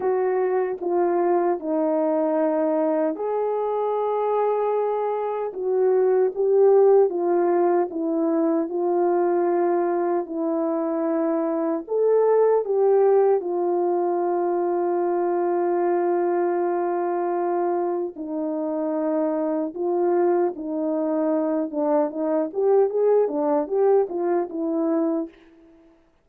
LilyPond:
\new Staff \with { instrumentName = "horn" } { \time 4/4 \tempo 4 = 76 fis'4 f'4 dis'2 | gis'2. fis'4 | g'4 f'4 e'4 f'4~ | f'4 e'2 a'4 |
g'4 f'2.~ | f'2. dis'4~ | dis'4 f'4 dis'4. d'8 | dis'8 g'8 gis'8 d'8 g'8 f'8 e'4 | }